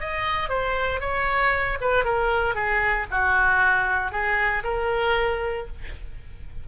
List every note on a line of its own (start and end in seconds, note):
0.00 0.49 D#5
0.49 1.00 C5
1.00 1.78 C#5
1.81 2.05 B4
2.05 2.55 A#4
2.55 3.07 G#4
3.11 4.11 F#4
4.11 4.63 G#4
4.64 5.67 A#4